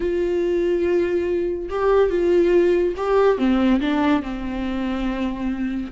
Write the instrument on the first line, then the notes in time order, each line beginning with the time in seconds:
viola
0.00 F4
1.69 G4
2.09 F4
2.96 G4
3.37 C4
3.80 D4
4.22 C4